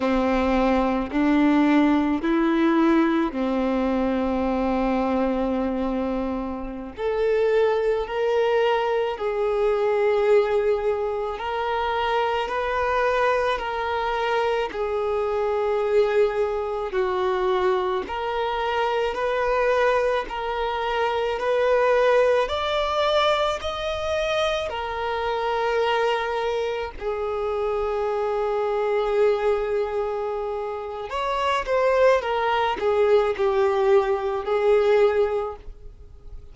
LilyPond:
\new Staff \with { instrumentName = "violin" } { \time 4/4 \tempo 4 = 54 c'4 d'4 e'4 c'4~ | c'2~ c'16 a'4 ais'8.~ | ais'16 gis'2 ais'4 b'8.~ | b'16 ais'4 gis'2 fis'8.~ |
fis'16 ais'4 b'4 ais'4 b'8.~ | b'16 d''4 dis''4 ais'4.~ ais'16~ | ais'16 gis'2.~ gis'8. | cis''8 c''8 ais'8 gis'8 g'4 gis'4 | }